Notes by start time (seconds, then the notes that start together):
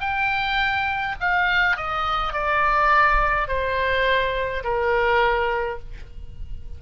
0.00 G5
1.20 F5
1.76 D#5
2.33 D5
3.48 C5
4.64 A#4